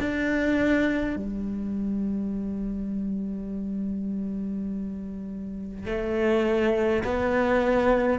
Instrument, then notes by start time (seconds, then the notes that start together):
cello
0.00 D4
1.17 G3
5.86 A3
7.04 B3